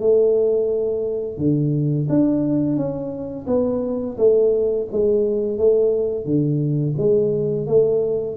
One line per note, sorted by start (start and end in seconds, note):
0.00 1.37 A3
1.37 2.07 D3
2.09 2.76 D4
2.76 3.46 C#4
3.47 4.16 B3
4.17 4.87 A3
4.91 5.58 G#3
5.58 6.25 A3
6.25 6.95 D3
6.97 7.66 G#3
7.66 8.36 A3